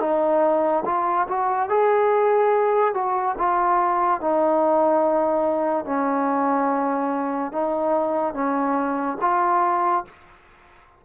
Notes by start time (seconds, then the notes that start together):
0.00 D#4
0.85 F4
1.28 F#4
1.69 G#4
2.94 F#4
3.38 F4
4.20 D#4
5.85 C#4
7.52 D#4
8.34 C#4
9.21 F4